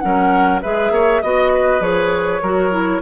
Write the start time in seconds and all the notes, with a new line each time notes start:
0.00 F#3 C#4 A#4 F#5
0.62 G#3 G#4 B4 E5
0.91 A#3 C#5
1.22 B3 F#4 D#5
1.54 B4
1.80 F3 G#4 C#5
2.42 F#3 F#4 A#4
2.71 E4